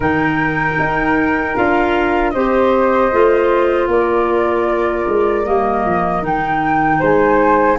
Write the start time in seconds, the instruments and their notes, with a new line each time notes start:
0.00 tuba D#3, clarinet D#4, flute A#4 G5
0.79 tuba D#4
1.56 tuba D4, clarinet F4, flute F5
2.30 tuba C4, clarinet G4, flute C5 D#5
3.12 tuba A3, clarinet F4
3.87 tuba A#3, flute A#4 D5
5.07 tuba G#3
5.45 tuba G3, clarinet A#3, flute D#5
5.85 tuba F3
6.22 tuba D#3, clarinet D#4, flute G5
6.99 tuba G#3, flute C5 G#5